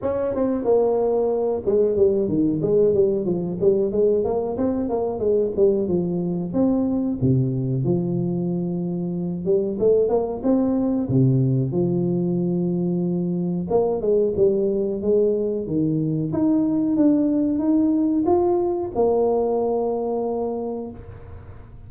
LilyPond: \new Staff \with { instrumentName = "tuba" } { \time 4/4 \tempo 4 = 92 cis'8 c'8 ais4. gis8 g8 dis8 | gis8 g8 f8 g8 gis8 ais8 c'8 ais8 | gis8 g8 f4 c'4 c4 | f2~ f8 g8 a8 ais8 |
c'4 c4 f2~ | f4 ais8 gis8 g4 gis4 | dis4 dis'4 d'4 dis'4 | f'4 ais2. | }